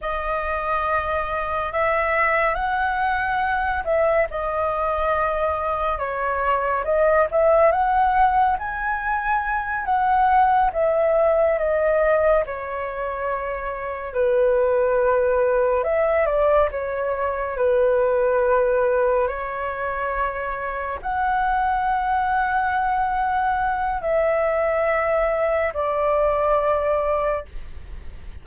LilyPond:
\new Staff \with { instrumentName = "flute" } { \time 4/4 \tempo 4 = 70 dis''2 e''4 fis''4~ | fis''8 e''8 dis''2 cis''4 | dis''8 e''8 fis''4 gis''4. fis''8~ | fis''8 e''4 dis''4 cis''4.~ |
cis''8 b'2 e''8 d''8 cis''8~ | cis''8 b'2 cis''4.~ | cis''8 fis''2.~ fis''8 | e''2 d''2 | }